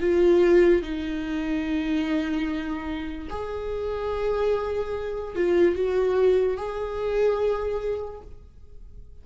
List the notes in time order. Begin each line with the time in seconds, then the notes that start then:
0.00 F4
0.82 D#4
3.30 G#4
5.35 F4
5.75 F#4
6.56 G#4